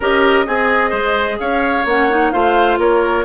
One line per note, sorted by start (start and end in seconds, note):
0.00 0.47 C#4
0.00 0.45 G4
0.00 0.45 A#4
0.00 1.39 D#5
0.45 0.92 C4
0.45 1.85 G#4
0.45 0.90 G#4
0.90 1.38 G#3
0.90 1.36 C5
1.39 1.85 C#4
1.39 2.32 C#5
1.39 1.85 F5
1.85 2.31 A#3
1.85 2.09 C#4
1.85 2.31 F#5
2.09 2.32 D#4
2.31 2.78 A3
2.31 3.25 F4
2.31 2.79 C5
2.31 2.77 F5
2.78 3.24 A#3
2.78 3.25 A#4
2.78 3.25 C#5